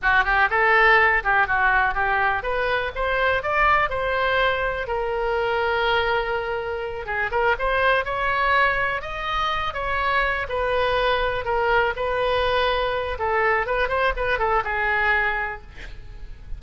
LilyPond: \new Staff \with { instrumentName = "oboe" } { \time 4/4 \tempo 4 = 123 fis'8 g'8 a'4. g'8 fis'4 | g'4 b'4 c''4 d''4 | c''2 ais'2~ | ais'2~ ais'8 gis'8 ais'8 c''8~ |
c''8 cis''2 dis''4. | cis''4. b'2 ais'8~ | ais'8 b'2~ b'8 a'4 | b'8 c''8 b'8 a'8 gis'2 | }